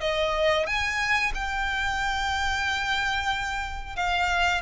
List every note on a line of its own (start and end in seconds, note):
0.00 0.66 D#5
0.66 1.32 G#5
1.34 3.96 G5
3.96 4.61 F5